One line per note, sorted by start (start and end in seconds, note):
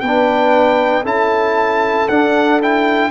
0.00 1.04 B3
0.00 1.03 B4
0.00 1.03 G5
0.07 1.05 D4
1.03 2.08 C#4
1.03 2.08 E4
1.03 3.09 A4
1.03 2.08 A5
2.08 3.10 D4
2.08 2.61 D4
2.08 2.60 F#5
2.61 3.10 E4
2.61 3.10 G5